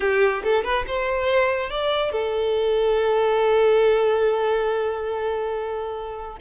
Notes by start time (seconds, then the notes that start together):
0.00 G4
0.43 A4
0.64 B4
0.87 C5
1.70 D5
2.11 A4